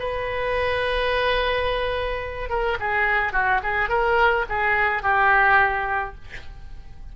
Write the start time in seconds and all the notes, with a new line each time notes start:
0.00 B4
2.50 A#4
2.80 G#4
3.33 F#4
3.63 G#4
3.90 A#4
4.49 G#4
5.03 G4